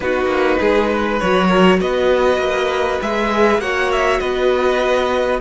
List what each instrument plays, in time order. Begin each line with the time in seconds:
0.00 cello B3, viola D#4, violin F#4 B4
0.26 cello A#3
0.59 cello G#3, violin G#4
0.90 violin B4
1.19 cello F#3, viola F#4, violin C#5
1.47 violin A#4
1.80 cello B3, violin B4 D#5
2.38 cello A#3
3.01 cello G#3, viola G#4, violin E5
3.58 cello A#3, viola F#4, violin C#5 F#5
3.91 violin E5
4.19 cello B3, violin B4 D#5